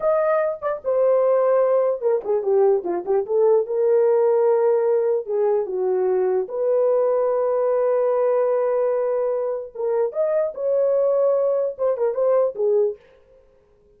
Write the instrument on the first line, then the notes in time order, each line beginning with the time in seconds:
horn
0.00 D#5
0.61 D5
0.84 C5
2.01 A#4
2.24 G#4
2.42 G4
2.84 F4
3.05 G4
3.26 A4
3.66 A#4
5.25 G#4
5.66 F#4
6.48 B4
9.74 A#4
10.12 D#5
10.54 C#5
11.78 C5
11.97 A#4
12.14 C5
12.55 G#4